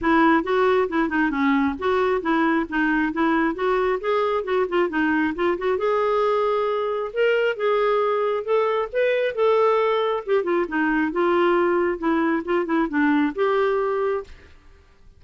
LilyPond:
\new Staff \with { instrumentName = "clarinet" } { \time 4/4 \tempo 4 = 135 e'4 fis'4 e'8 dis'8 cis'4 | fis'4 e'4 dis'4 e'4 | fis'4 gis'4 fis'8 f'8 dis'4 | f'8 fis'8 gis'2. |
ais'4 gis'2 a'4 | b'4 a'2 g'8 f'8 | dis'4 f'2 e'4 | f'8 e'8 d'4 g'2 | }